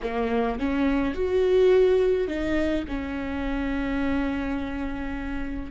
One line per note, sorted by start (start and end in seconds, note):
0.02 0.59 A#3
0.59 1.14 C#4
1.14 2.27 F#4
2.27 2.84 D#4
2.88 5.71 C#4